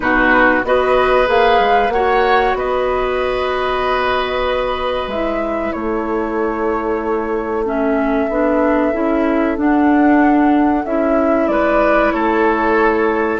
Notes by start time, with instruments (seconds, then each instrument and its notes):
0.00 bassoon B2, clarinet D#4, oboe F#4, flute B4
0.63 bassoon B3, clarinet F#4, oboe B4, flute D#5
1.25 bassoon A#3, clarinet G#4, flute F5
1.59 bassoon G#3
1.88 bassoon A#3, clarinet F#4, oboe C#5, flute F#5
2.53 bassoon B3, oboe B4, flute D#5
5.07 bassoon G#3, clarinet E4, flute E5
5.72 bassoon A3, oboe A4, flute C#5
7.65 clarinet C#4, flute E5
8.29 bassoon B3, clarinet D4
8.93 bassoon C#4, clarinet E4
9.57 clarinet D4, bassoon D4, flute F#5
10.85 bassoon C#4, clarinet E4, flute E5
11.47 bassoon G#3, oboe B4, flute D5
12.10 bassoon A3, oboe A4, flute C#5